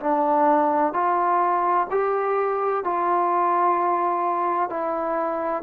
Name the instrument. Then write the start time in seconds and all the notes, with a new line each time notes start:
trombone
0.00 D4
0.93 F4
1.90 G4
2.84 F4
4.69 E4